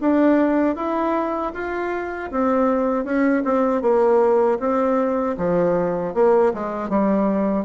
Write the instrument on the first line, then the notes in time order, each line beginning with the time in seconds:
bassoon
0.00 D4
0.75 E4
1.53 F4
2.30 C4
3.04 C#4
3.44 C4
3.81 A#3
4.59 C4
5.37 F3
6.14 A#3
6.53 G#3
6.89 G3